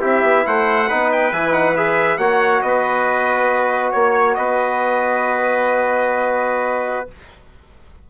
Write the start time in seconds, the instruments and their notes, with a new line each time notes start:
0.00 bassoon C4, trombone E4, trumpet G4 E5
0.23 bassoon B3
0.47 bassoon A3, trumpet C5 F#5
0.89 bassoon B3, trombone D#4, trumpet B4
1.13 trumpet G5
1.32 bassoon E3, trombone E4, trumpet G#5
1.52 trombone D#4, trumpet F#5
1.76 trombone G#4, trumpet E5
2.18 bassoon A#3, trombone F#4, trumpet C#5 F#5
2.62 bassoon B3, trumpet B4 D#5
3.92 bassoon A#3, trumpet C#5
4.35 bassoon B3, trumpet B4 D#5